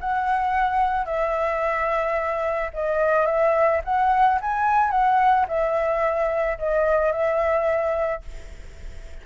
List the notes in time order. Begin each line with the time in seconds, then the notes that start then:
0.00 F#5
1.05 E5
2.73 D#5
3.26 E5
3.84 F#5
4.41 G#5
4.91 F#5
5.48 E5
6.58 D#5
7.12 E5